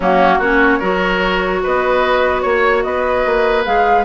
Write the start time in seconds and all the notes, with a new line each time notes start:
0.00 F#3 A#3 C#4 F#4
0.38 A#3 C#4 F#4 C#5
0.79 F#3 F#4 A#4
1.63 B3 B4 D#5
2.41 A#3 C#5
2.82 B3 B4 D#5
3.25 A#3
3.64 G#3 G#4 F5